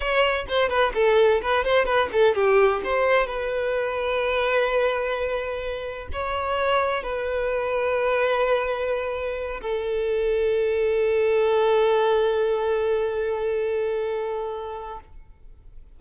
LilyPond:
\new Staff \with { instrumentName = "violin" } { \time 4/4 \tempo 4 = 128 cis''4 c''8 b'8 a'4 b'8 c''8 | b'8 a'8 g'4 c''4 b'4~ | b'1~ | b'4 cis''2 b'4~ |
b'1~ | b'8 a'2.~ a'8~ | a'1~ | a'1 | }